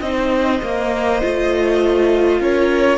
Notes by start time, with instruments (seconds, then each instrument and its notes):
0.00 cello C4, viola D#4, violin C5 D#5
0.62 cello A#3, viola A#3
1.22 cello A3, viola F4
2.40 cello C#4, violin A#4 C#5